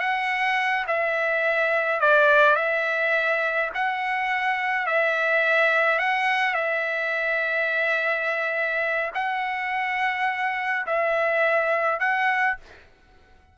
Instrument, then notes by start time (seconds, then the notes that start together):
trumpet
0.00 F#5
0.88 E5
2.01 D5
2.56 E5
3.75 F#5
4.87 E5
5.99 F#5
6.55 E5
9.15 F#5
10.87 E5
12.00 F#5